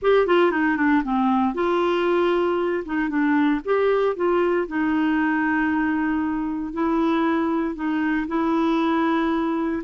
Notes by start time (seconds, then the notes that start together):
0.02 G4
0.26 F4
0.51 D#4
0.76 D4
1.03 C4
1.54 F4
2.85 D#4
3.09 D4
3.64 G4
4.16 F4
4.67 D#4
6.73 E4
7.75 D#4
8.27 E4